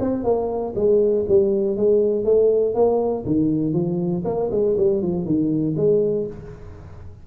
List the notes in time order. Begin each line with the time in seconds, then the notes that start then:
0.00 C4
0.24 A#3
0.75 G#3
1.28 G3
1.77 G#3
2.24 A3
2.75 A#3
3.25 D#3
3.73 F3
4.25 A#3
4.51 G#3
4.77 G3
5.02 F3
5.25 D#3
5.76 G#3